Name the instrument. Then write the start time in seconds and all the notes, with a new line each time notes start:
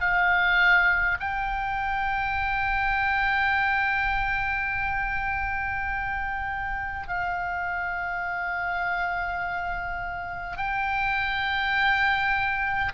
oboe
0.00 F5
1.19 G5
7.07 F5
10.57 G5